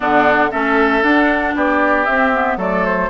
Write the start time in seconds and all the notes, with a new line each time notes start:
0.00 D3 B3 D4 F#5
0.51 A3 C#4 A4 E5
1.02 D4 F#5
1.55 B3 G4 D5
2.05 C4 E5
2.33 B3
2.56 F#3 A3 A4 D5
2.85 C5